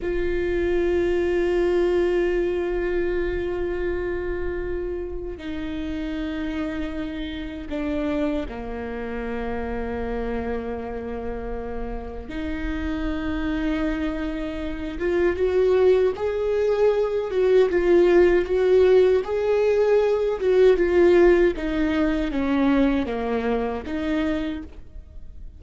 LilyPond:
\new Staff \with { instrumentName = "viola" } { \time 4/4 \tempo 4 = 78 f'1~ | f'2. dis'4~ | dis'2 d'4 ais4~ | ais1 |
dis'2.~ dis'8 f'8 | fis'4 gis'4. fis'8 f'4 | fis'4 gis'4. fis'8 f'4 | dis'4 cis'4 ais4 dis'4 | }